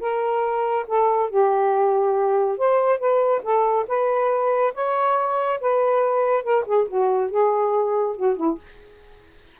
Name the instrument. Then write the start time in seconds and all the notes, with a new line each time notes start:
saxophone
0.00 A#4
0.87 A4
1.30 G4
2.57 C5
2.99 B4
3.43 A4
3.87 B4
4.74 C#5
5.60 B4
6.43 A#4
6.66 G#4
6.88 F#4
7.30 G#4
8.16 F#4
8.36 E4